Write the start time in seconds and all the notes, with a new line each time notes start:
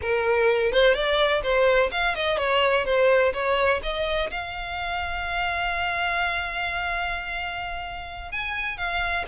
0.01 A#4
0.72 C5
0.94 D5
1.43 C5
1.91 F5
2.15 D#5
2.37 C#5
2.85 C5
3.33 C#5
3.82 D#5
4.31 F5
8.31 G#5
8.77 F5